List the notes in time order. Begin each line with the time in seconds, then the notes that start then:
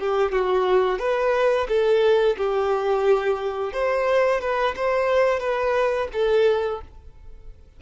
0.00 G4
0.33 F#4
0.99 B4
1.69 A4
2.37 G4
3.73 C5
4.41 B4
4.76 C5
5.40 B4
6.13 A4